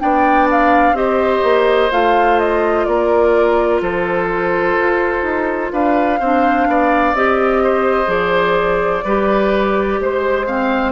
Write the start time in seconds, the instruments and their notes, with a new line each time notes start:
0.00 bassoon B3, clarinet D4, oboe D5, flute G5
0.51 flute F5
0.92 bassoon C4, clarinet G4, oboe C5, flute D#5
1.43 bassoon A#3
1.91 bassoon A3, clarinet F4, flute F5
2.39 flute D#5
2.85 bassoon A#3, oboe A#4, flute D5
3.81 bassoon F3, oboe A4, flute C5
4.79 bassoon F4
5.23 bassoon D#4
5.73 bassoon D4, oboe B4, flute F5
6.20 bassoon C4, clarinet D4, oboe C5
6.67 bassoon B3, oboe D5
7.13 bassoon C4, clarinet G4, flute D#5
7.63 oboe C5
8.06 bassoon F3, clarinet G#4, flute D5
9.04 bassoon G3, clarinet G4, oboe B4
10.00 bassoon G#3, flute C5, oboe C5
10.47 clarinet C4, oboe F5